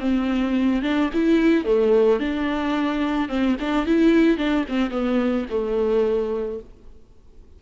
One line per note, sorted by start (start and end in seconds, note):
0.00 0.82 C4
0.82 1.10 D4
1.13 1.65 E4
1.65 2.20 A3
2.20 3.29 D4
3.29 3.56 C4
3.60 3.86 D4
3.86 4.38 E4
4.38 4.65 D4
4.69 4.91 C4
4.91 5.46 B3
5.49 6.60 A3